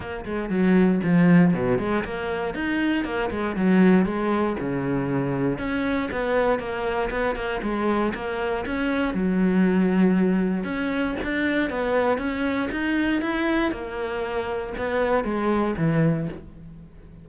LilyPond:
\new Staff \with { instrumentName = "cello" } { \time 4/4 \tempo 4 = 118 ais8 gis8 fis4 f4 b,8 gis8 | ais4 dis'4 ais8 gis8 fis4 | gis4 cis2 cis'4 | b4 ais4 b8 ais8 gis4 |
ais4 cis'4 fis2~ | fis4 cis'4 d'4 b4 | cis'4 dis'4 e'4 ais4~ | ais4 b4 gis4 e4 | }